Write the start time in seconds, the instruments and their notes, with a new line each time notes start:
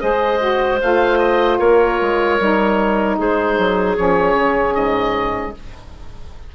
0.00 bassoon G#3, saxophone G#4, clarinet C5, oboe D#5
0.39 saxophone F#4
0.81 bassoon A3, saxophone F4, oboe F5
1.18 oboe D#5
1.58 bassoon A#3, clarinet A#4, oboe C#5
2.00 bassoon G#3
2.39 bassoon G3, saxophone D#4
3.18 bassoon G#3, clarinet G#4, oboe C5
3.58 bassoon F#3
3.96 bassoon F3, saxophone C#4, oboe C#5
4.34 bassoon C#3
4.74 bassoon G#2, oboe D#5